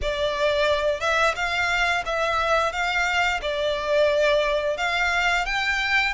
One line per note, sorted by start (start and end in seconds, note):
0.01 1.00 D5
1.00 1.34 E5
1.35 2.03 F5
2.05 2.72 E5
2.72 3.40 F5
3.41 4.77 D5
4.77 5.45 F5
5.45 6.13 G5